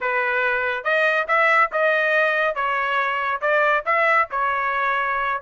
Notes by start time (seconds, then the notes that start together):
0.00 B4
0.84 D#5
1.27 E5
1.72 D#5
2.55 C#5
3.41 D5
3.85 E5
4.30 C#5